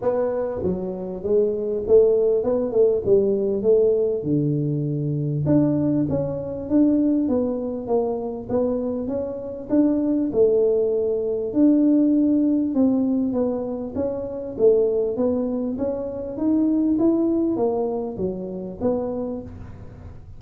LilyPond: \new Staff \with { instrumentName = "tuba" } { \time 4/4 \tempo 4 = 99 b4 fis4 gis4 a4 | b8 a8 g4 a4 d4~ | d4 d'4 cis'4 d'4 | b4 ais4 b4 cis'4 |
d'4 a2 d'4~ | d'4 c'4 b4 cis'4 | a4 b4 cis'4 dis'4 | e'4 ais4 fis4 b4 | }